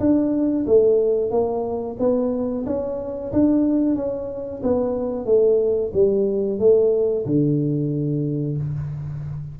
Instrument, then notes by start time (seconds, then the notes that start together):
tuba
0.00 D4
0.67 A3
1.31 A#3
1.99 B3
2.66 C#4
3.33 D4
3.96 C#4
4.63 B3
5.26 A3
5.94 G3
6.60 A3
7.26 D3